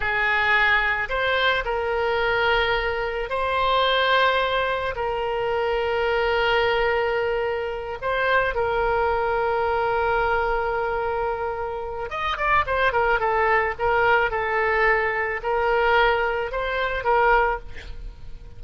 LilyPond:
\new Staff \with { instrumentName = "oboe" } { \time 4/4 \tempo 4 = 109 gis'2 c''4 ais'4~ | ais'2 c''2~ | c''4 ais'2.~ | ais'2~ ais'8 c''4 ais'8~ |
ais'1~ | ais'2 dis''8 d''8 c''8 ais'8 | a'4 ais'4 a'2 | ais'2 c''4 ais'4 | }